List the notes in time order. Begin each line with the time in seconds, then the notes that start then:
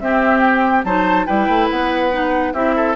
0.00 C4 G4 E5
0.41 G5
0.84 F#3 D#4 C5 A5
1.26 G3 E4 B4 G5
1.49 A3
1.71 B3 F#5
2.12 D#4
2.54 C4 E4 G4 E5
2.76 A4